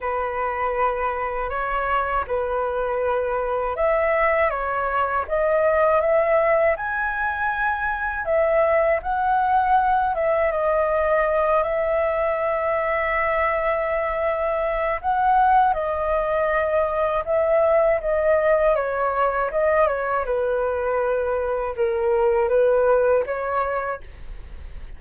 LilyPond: \new Staff \with { instrumentName = "flute" } { \time 4/4 \tempo 4 = 80 b'2 cis''4 b'4~ | b'4 e''4 cis''4 dis''4 | e''4 gis''2 e''4 | fis''4. e''8 dis''4. e''8~ |
e''1 | fis''4 dis''2 e''4 | dis''4 cis''4 dis''8 cis''8 b'4~ | b'4 ais'4 b'4 cis''4 | }